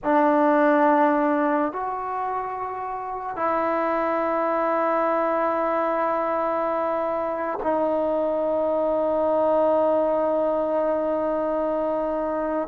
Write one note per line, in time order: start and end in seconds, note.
0.03 1.72 D4
1.72 3.36 F#4
3.36 7.58 E4
7.62 12.68 D#4